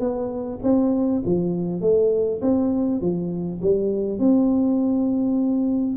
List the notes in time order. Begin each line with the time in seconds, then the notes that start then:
0.00 B3
0.63 C4
1.26 F3
1.81 A3
2.42 C4
3.01 F3
3.62 G3
4.19 C4